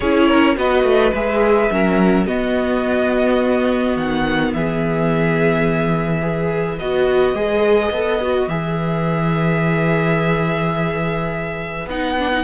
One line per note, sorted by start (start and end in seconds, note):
0.00 0.57 C#4
0.00 0.56 E4
0.00 0.27 G#4
0.00 0.56 C#5
0.27 0.56 A#4
0.56 0.83 B3
0.56 1.12 F#4
0.56 1.71 B4
0.56 1.14 D#5
0.83 1.12 A3
1.13 1.70 G#3
1.13 1.70 G#4
1.13 2.26 E5
1.70 2.26 F#3
1.70 2.27 C#4
1.70 2.26 A#4
2.26 3.96 B3
2.26 6.21 B3
2.26 4.52 F#4
2.26 3.96 D#5
3.96 4.53 D#3
3.96 4.53 F#5
4.53 6.79 E3
4.53 6.21 G#4
4.53 6.78 E5
6.21 6.78 G#4
6.21 12.43 B4
6.78 7.33 B3
6.78 7.35 F#4
6.78 8.48 D#5
7.33 7.90 G#3
7.33 7.92 G#4
7.91 8.47 B3
7.91 8.21 A4
8.21 8.49 F#4
8.47 11.86 E3
8.47 11.88 G#4
8.47 11.88 E5
11.86 12.42 B3
11.86 12.17 D#4
11.86 12.43 F#5
12.18 12.32 D4
12.32 12.43 D#4